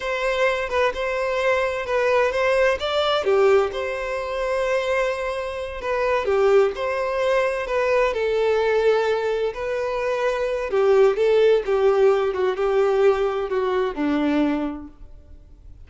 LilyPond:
\new Staff \with { instrumentName = "violin" } { \time 4/4 \tempo 4 = 129 c''4. b'8 c''2 | b'4 c''4 d''4 g'4 | c''1~ | c''8 b'4 g'4 c''4.~ |
c''8 b'4 a'2~ a'8~ | a'8 b'2~ b'8 g'4 | a'4 g'4. fis'8 g'4~ | g'4 fis'4 d'2 | }